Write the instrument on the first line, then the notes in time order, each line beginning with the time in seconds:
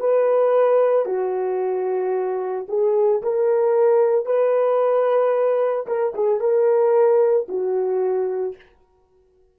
horn
0.00 B4
1.06 F#4
2.69 G#4
3.23 A#4
4.26 B4
5.87 A#4
6.15 G#4
6.40 A#4
7.49 F#4